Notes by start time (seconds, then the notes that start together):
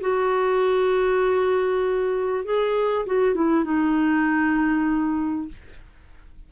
0.00 F#4
2.44 G#4
3.06 F#4
3.34 E4
3.64 D#4